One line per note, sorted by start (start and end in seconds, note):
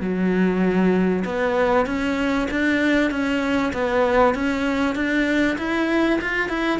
0.00 1.24 F#3
1.24 1.86 B3
1.86 2.48 C#4
2.51 3.10 D4
3.10 3.72 C#4
3.73 4.34 B3
4.34 4.95 C#4
4.95 5.57 D4
5.58 6.19 E4
6.21 6.49 F4
6.49 6.79 E4